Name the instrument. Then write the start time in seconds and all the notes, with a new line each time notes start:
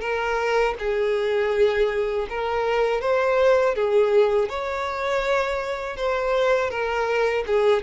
violin
0.00 A#4
0.79 G#4
2.29 A#4
3.01 C5
3.74 G#4
4.48 C#5
5.96 C5
6.70 A#4
7.46 G#4